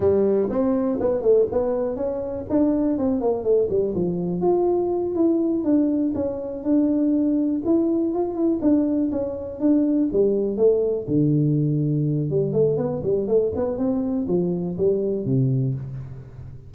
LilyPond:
\new Staff \with { instrumentName = "tuba" } { \time 4/4 \tempo 4 = 122 g4 c'4 b8 a8 b4 | cis'4 d'4 c'8 ais8 a8 g8 | f4 f'4. e'4 d'8~ | d'8 cis'4 d'2 e'8~ |
e'8 f'8 e'8 d'4 cis'4 d'8~ | d'8 g4 a4 d4.~ | d4 g8 a8 b8 g8 a8 b8 | c'4 f4 g4 c4 | }